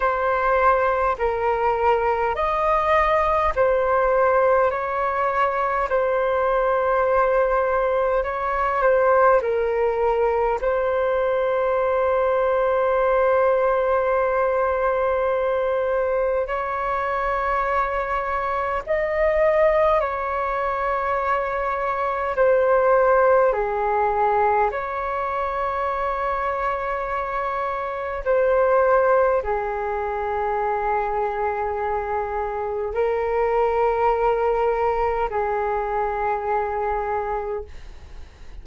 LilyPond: \new Staff \with { instrumentName = "flute" } { \time 4/4 \tempo 4 = 51 c''4 ais'4 dis''4 c''4 | cis''4 c''2 cis''8 c''8 | ais'4 c''2.~ | c''2 cis''2 |
dis''4 cis''2 c''4 | gis'4 cis''2. | c''4 gis'2. | ais'2 gis'2 | }